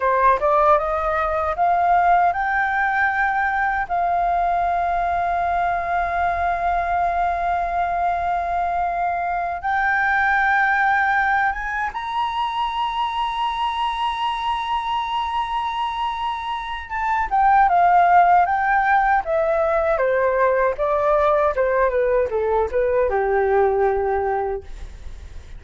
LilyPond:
\new Staff \with { instrumentName = "flute" } { \time 4/4 \tempo 4 = 78 c''8 d''8 dis''4 f''4 g''4~ | g''4 f''2.~ | f''1~ | f''8 g''2~ g''8 gis''8 ais''8~ |
ais''1~ | ais''2 a''8 g''8 f''4 | g''4 e''4 c''4 d''4 | c''8 b'8 a'8 b'8 g'2 | }